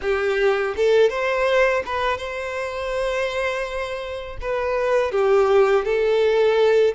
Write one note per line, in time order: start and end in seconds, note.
0.01 0.75 G4
0.76 1.09 A4
1.09 1.83 C5
1.85 2.18 B4
2.18 4.37 C5
4.41 5.11 B4
5.11 5.84 G4
5.84 6.94 A4